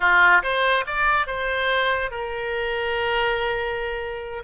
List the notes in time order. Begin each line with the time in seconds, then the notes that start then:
0.00 F4
0.42 C5
0.86 D5
1.26 C5
2.10 A#4